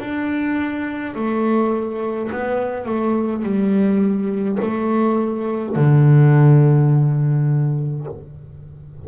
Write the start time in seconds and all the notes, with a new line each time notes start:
0.00 D4
1.15 A3
2.32 B3
2.86 A3
3.44 G3
4.62 A3
5.76 D3